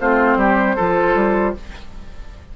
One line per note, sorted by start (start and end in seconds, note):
0.00 0.36 A3
0.00 0.78 C4
0.00 0.38 F4
0.00 1.56 C5
0.36 0.75 G3
0.36 0.76 G4
0.76 1.14 F3
0.76 1.56 F4
0.76 1.54 A4
1.14 1.53 G3